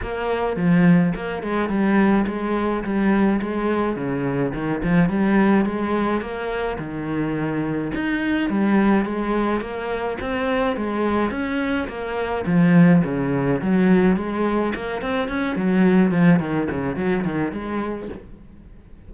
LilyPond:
\new Staff \with { instrumentName = "cello" } { \time 4/4 \tempo 4 = 106 ais4 f4 ais8 gis8 g4 | gis4 g4 gis4 cis4 | dis8 f8 g4 gis4 ais4 | dis2 dis'4 g4 |
gis4 ais4 c'4 gis4 | cis'4 ais4 f4 cis4 | fis4 gis4 ais8 c'8 cis'8 fis8~ | fis8 f8 dis8 cis8 fis8 dis8 gis4 | }